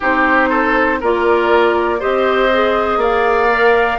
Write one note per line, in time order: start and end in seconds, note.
0.00 1.02 C4
0.00 1.01 D#4
0.00 0.49 G4
0.00 1.01 C5
0.49 0.99 A4
1.00 2.02 A#3
1.00 1.99 F4
1.00 1.99 A#4
1.00 2.01 D5
1.99 2.97 C4
1.99 2.49 G4
1.99 2.99 C5
1.99 3.01 D#5
2.52 3.49 G#4
2.97 3.97 A#3
2.97 3.99 D5
2.97 3.99 F5
3.49 3.99 A#4